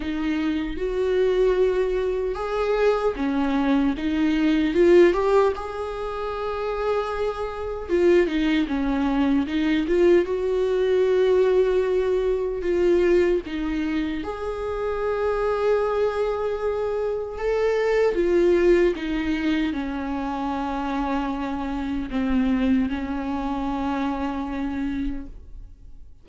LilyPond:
\new Staff \with { instrumentName = "viola" } { \time 4/4 \tempo 4 = 76 dis'4 fis'2 gis'4 | cis'4 dis'4 f'8 g'8 gis'4~ | gis'2 f'8 dis'8 cis'4 | dis'8 f'8 fis'2. |
f'4 dis'4 gis'2~ | gis'2 a'4 f'4 | dis'4 cis'2. | c'4 cis'2. | }